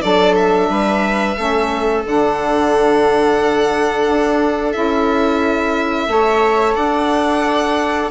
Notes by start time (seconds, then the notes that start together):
0.00 F#3 D4 A4 D5
0.35 E5
0.69 G3 B4
1.36 A3 C#4 A4
2.05 D3 D4 F#5
4.07 D4
4.72 C#4 E4 E5
6.07 A3 A4 C#5
6.74 D4 D5 F#5